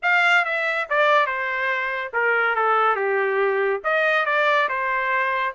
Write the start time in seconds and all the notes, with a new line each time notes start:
0.02 F5
0.44 E5
0.89 D5
1.26 C5
2.13 A#4
2.55 A4
2.95 G4
3.84 D#5
4.25 D5
4.68 C5